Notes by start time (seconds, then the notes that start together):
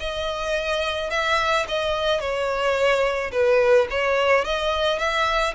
0.00 D#5
1.11 E5
1.68 D#5
2.20 C#5
3.32 B4
3.91 C#5
4.45 D#5
4.99 E5